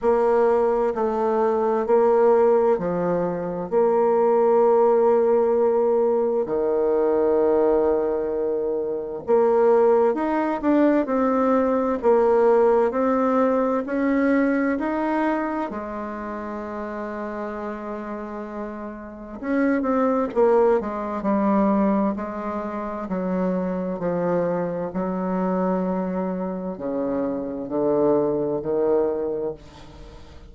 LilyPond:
\new Staff \with { instrumentName = "bassoon" } { \time 4/4 \tempo 4 = 65 ais4 a4 ais4 f4 | ais2. dis4~ | dis2 ais4 dis'8 d'8 | c'4 ais4 c'4 cis'4 |
dis'4 gis2.~ | gis4 cis'8 c'8 ais8 gis8 g4 | gis4 fis4 f4 fis4~ | fis4 cis4 d4 dis4 | }